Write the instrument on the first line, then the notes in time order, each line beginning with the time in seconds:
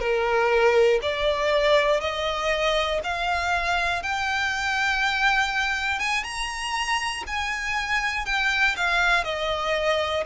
violin
0.00 A#4
1.02 D5
2.00 D#5
3.04 F5
4.03 G5
6.00 G#5
6.24 A#5
7.27 G#5
8.25 G5
8.76 F5
9.24 D#5